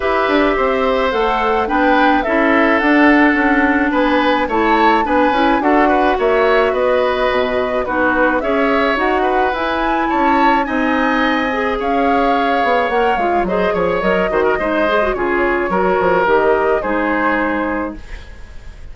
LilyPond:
<<
  \new Staff \with { instrumentName = "flute" } { \time 4/4 \tempo 4 = 107 e''2 fis''4 g''4 | e''4 fis''2 gis''4 | a''4 gis''4 fis''4 e''4 | dis''2 b'4 e''4 |
fis''4 gis''4 a''4 gis''4~ | gis''4 f''2 fis''8 f''8 | dis''8 cis''8 dis''2 cis''4~ | cis''4 dis''4 c''2 | }
  \new Staff \with { instrumentName = "oboe" } { \time 4/4 b'4 c''2 b'4 | a'2. b'4 | cis''4 b'4 a'8 b'8 cis''4 | b'2 fis'4 cis''4~ |
cis''8 b'4. cis''4 dis''4~ | dis''4 cis''2. | c''8 cis''4 c''16 ais'16 c''4 gis'4 | ais'2 gis'2 | }
  \new Staff \with { instrumentName = "clarinet" } { \time 4/4 g'2 a'4 d'4 | e'4 d'2. | e'4 d'8 e'8 fis'2~ | fis'2 dis'4 gis'4 |
fis'4 e'2 dis'4~ | dis'8 gis'2~ gis'8 ais'8 f'8 | gis'4 ais'8 fis'8 dis'8 gis'16 fis'16 f'4 | fis'4 g'4 dis'2 | }
  \new Staff \with { instrumentName = "bassoon" } { \time 4/4 e'8 d'8 c'4 a4 b4 | cis'4 d'4 cis'4 b4 | a4 b8 cis'8 d'4 ais4 | b4 b,4 b4 cis'4 |
dis'4 e'4 cis'4 c'4~ | c'4 cis'4. b8 ais8 gis8 | fis8 f8 fis8 dis8 gis4 cis4 | fis8 f8 dis4 gis2 | }
>>